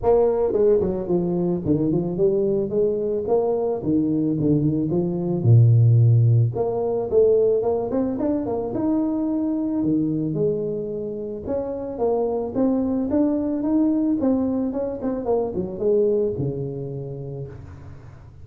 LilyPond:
\new Staff \with { instrumentName = "tuba" } { \time 4/4 \tempo 4 = 110 ais4 gis8 fis8 f4 dis8 f8 | g4 gis4 ais4 dis4 | d8 dis8 f4 ais,2 | ais4 a4 ais8 c'8 d'8 ais8 |
dis'2 dis4 gis4~ | gis4 cis'4 ais4 c'4 | d'4 dis'4 c'4 cis'8 c'8 | ais8 fis8 gis4 cis2 | }